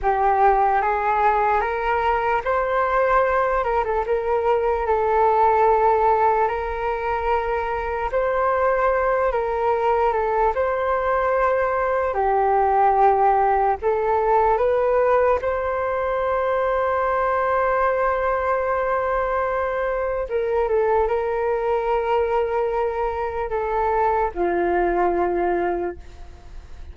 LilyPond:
\new Staff \with { instrumentName = "flute" } { \time 4/4 \tempo 4 = 74 g'4 gis'4 ais'4 c''4~ | c''8 ais'16 a'16 ais'4 a'2 | ais'2 c''4. ais'8~ | ais'8 a'8 c''2 g'4~ |
g'4 a'4 b'4 c''4~ | c''1~ | c''4 ais'8 a'8 ais'2~ | ais'4 a'4 f'2 | }